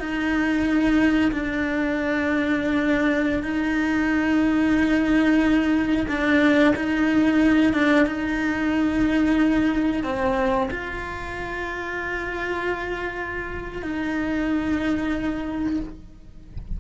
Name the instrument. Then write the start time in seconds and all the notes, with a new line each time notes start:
cello
0.00 D#4
1.32 D4
3.43 D#4
6.09 D4
6.76 D#4
7.73 D4
8.06 D#4
10.04 C4
10.71 F4
13.82 D#4